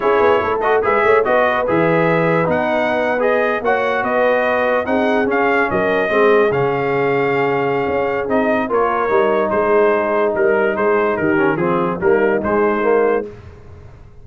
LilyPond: <<
  \new Staff \with { instrumentName = "trumpet" } { \time 4/4 \tempo 4 = 145 cis''4. dis''8 e''4 dis''4 | e''2 fis''4.~ fis''16 dis''16~ | dis''8. fis''4 dis''2 fis''16~ | fis''8. f''4 dis''2 f''16~ |
f''1 | dis''4 cis''2 c''4~ | c''4 ais'4 c''4 ais'4 | gis'4 ais'4 c''2 | }
  \new Staff \with { instrumentName = "horn" } { \time 4/4 gis'4 a'4 b'8 cis''8 b'4~ | b'1~ | b'8. cis''4 b'2 gis'16~ | gis'4.~ gis'16 ais'4 gis'4~ gis'16~ |
gis'1~ | gis'4 ais'2 gis'4~ | gis'4 ais'4 gis'4 g'4 | f'4 dis'2. | }
  \new Staff \with { instrumentName = "trombone" } { \time 4/4 e'4. fis'8 gis'4 fis'4 | gis'2 dis'4.~ dis'16 gis'16~ | gis'8. fis'2. dis'16~ | dis'8. cis'2 c'4 cis'16~ |
cis'1 | dis'4 f'4 dis'2~ | dis'2.~ dis'8 cis'8 | c'4 ais4 gis4 ais4 | }
  \new Staff \with { instrumentName = "tuba" } { \time 4/4 cis'8 b8 a4 gis8 a8 b4 | e2 b2~ | b8. ais4 b2 c'16~ | c'8. cis'4 fis4 gis4 cis16~ |
cis2. cis'4 | c'4 ais4 g4 gis4~ | gis4 g4 gis4 dis4 | f4 g4 gis2 | }
>>